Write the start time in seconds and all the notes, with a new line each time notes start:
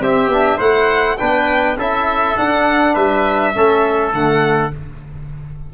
0.00 C4 G4 E5
0.28 B3 D4
0.57 A3 E4 C5 F#5
1.18 B3 D4 B4 G5
1.77 C#4 E4 A4 E5
2.37 D4 F#5
2.94 G3 B4 E5
3.55 A3 C#4 A4
4.13 D3 A3 F#5